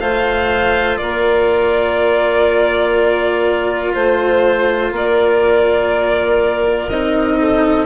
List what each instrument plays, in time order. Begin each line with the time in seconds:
0.00 bassoon A3, cello F4, clarinet C5, violin F5
0.98 bassoon A#3, clarinet A#4, violin D5
3.94 bassoon A3, clarinet C5, violin C5
4.92 bassoon A#3, clarinet A#4, violin D5
6.90 bassoon C4, cello D#4, violin D#5
7.40 clarinet A4